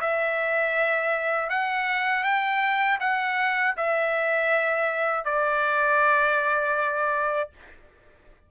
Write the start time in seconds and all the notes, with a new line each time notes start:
0.00 E5
1.49 F#5
2.23 G5
3.00 F#5
3.76 E5
5.25 D5